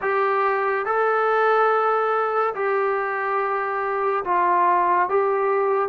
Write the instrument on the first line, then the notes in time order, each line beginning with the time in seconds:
trombone
0.01 G4
0.85 A4
2.55 G4
4.24 F4
5.09 G4